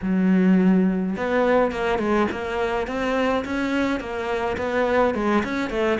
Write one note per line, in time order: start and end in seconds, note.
0.02 1.16 F#3
1.16 1.71 B3
1.71 1.98 A#3
1.98 2.27 G#3
2.31 2.87 A#3
2.87 3.44 C4
3.44 3.99 C#4
3.99 4.57 A#3
4.57 5.14 B3
5.14 5.43 G#3
5.43 5.70 C#4
5.70 5.98 A3